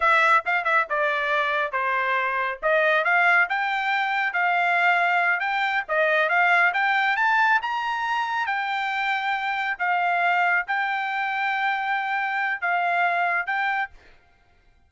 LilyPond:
\new Staff \with { instrumentName = "trumpet" } { \time 4/4 \tempo 4 = 138 e''4 f''8 e''8 d''2 | c''2 dis''4 f''4 | g''2 f''2~ | f''8 g''4 dis''4 f''4 g''8~ |
g''8 a''4 ais''2 g''8~ | g''2~ g''8 f''4.~ | f''8 g''2.~ g''8~ | g''4 f''2 g''4 | }